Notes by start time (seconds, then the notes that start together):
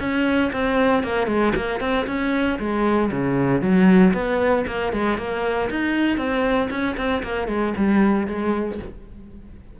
0.00 C#4
0.53 C4
1.04 A#3
1.27 G#3
1.56 A#3
1.81 C4
2.07 C#4
2.59 G#3
3.12 C#3
3.62 F#3
4.14 B3
4.67 A#3
4.93 G#3
5.18 A#3
5.70 D#4
6.18 C4
6.70 C#4
6.97 C4
7.23 A#3
7.48 G#3
7.78 G3
8.27 G#3